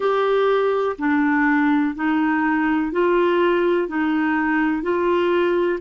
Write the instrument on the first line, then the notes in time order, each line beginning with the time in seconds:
clarinet
0.00 G4
0.98 D4
1.95 D#4
2.92 F4
3.88 D#4
4.82 F4